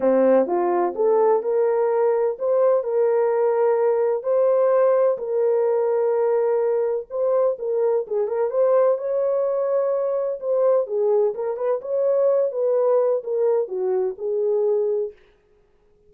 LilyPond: \new Staff \with { instrumentName = "horn" } { \time 4/4 \tempo 4 = 127 c'4 f'4 a'4 ais'4~ | ais'4 c''4 ais'2~ | ais'4 c''2 ais'4~ | ais'2. c''4 |
ais'4 gis'8 ais'8 c''4 cis''4~ | cis''2 c''4 gis'4 | ais'8 b'8 cis''4. b'4. | ais'4 fis'4 gis'2 | }